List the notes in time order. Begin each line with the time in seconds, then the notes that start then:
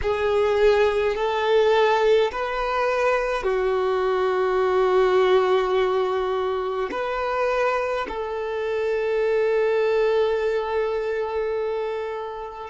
0.02 G#4
1.15 A4
2.31 B4
3.43 F#4
6.91 B4
8.08 A4